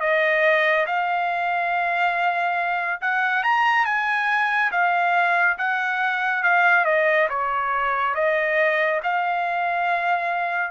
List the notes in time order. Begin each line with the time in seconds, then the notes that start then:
0.00 D#5
0.86 F5
3.01 F#5
3.43 A#5
3.85 G#5
4.71 F5
5.58 F#5
6.43 F5
6.85 D#5
7.29 C#5
8.14 D#5
9.03 F5